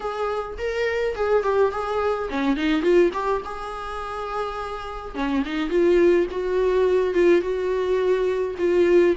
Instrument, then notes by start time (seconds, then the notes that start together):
viola
0.00 G#4
0.58 A#4
1.15 G#4
1.43 G4
1.71 G#4
2.29 C#4
2.56 D#4
2.82 F4
3.13 G4
3.44 G#4
5.14 C#4
5.45 D#4
5.69 F4
6.31 F#4
7.14 F4
7.41 F#4
8.58 F4